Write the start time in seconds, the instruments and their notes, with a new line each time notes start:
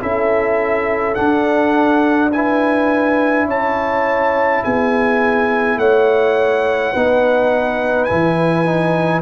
0.00 tuba C#4, trombone E4, horn A4, trumpet E5
1.15 trombone D4, tuba D4, trumpet F#5
2.32 trombone E4, horn B4, trumpet G#5
3.46 tuba C#4, horn C#5, trumpet A5
4.64 tuba B3, horn G#4, trumpet G#5
5.77 tuba A3, horn C#5, trumpet F#5
6.93 tuba B3, trombone D#4, horn B4
8.05 trombone E4, trumpet G#5
8.11 tuba E3
8.65 trombone D#4